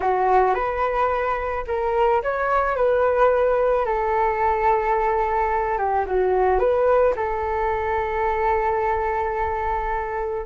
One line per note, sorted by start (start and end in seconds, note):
0.00 0.54 F#4
0.54 1.64 B4
1.67 2.22 A#4
2.22 2.76 C#5
2.76 3.85 B4
3.85 5.77 A4
5.77 6.05 G4
6.06 6.59 F#4
6.59 7.14 B4
7.16 10.46 A4